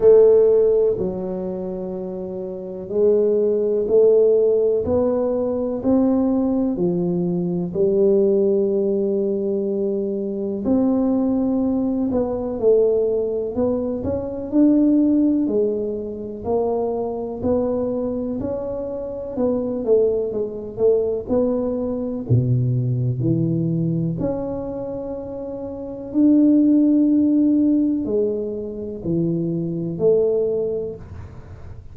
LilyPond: \new Staff \with { instrumentName = "tuba" } { \time 4/4 \tempo 4 = 62 a4 fis2 gis4 | a4 b4 c'4 f4 | g2. c'4~ | c'8 b8 a4 b8 cis'8 d'4 |
gis4 ais4 b4 cis'4 | b8 a8 gis8 a8 b4 b,4 | e4 cis'2 d'4~ | d'4 gis4 e4 a4 | }